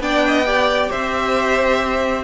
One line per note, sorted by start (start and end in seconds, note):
0.00 0.90 B3
0.00 0.46 D4
0.00 0.25 D5
0.00 0.91 G5
0.28 0.47 D#5
0.46 2.25 G4
0.46 0.90 D5
0.90 2.25 C4
0.90 2.25 C5
0.90 2.25 E5